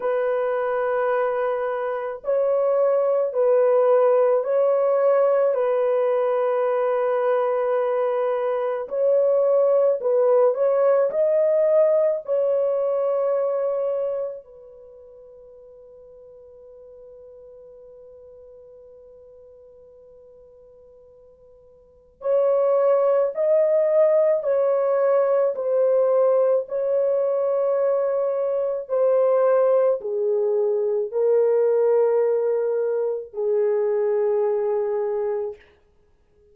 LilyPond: \new Staff \with { instrumentName = "horn" } { \time 4/4 \tempo 4 = 54 b'2 cis''4 b'4 | cis''4 b'2. | cis''4 b'8 cis''8 dis''4 cis''4~ | cis''4 b'2.~ |
b'1 | cis''4 dis''4 cis''4 c''4 | cis''2 c''4 gis'4 | ais'2 gis'2 | }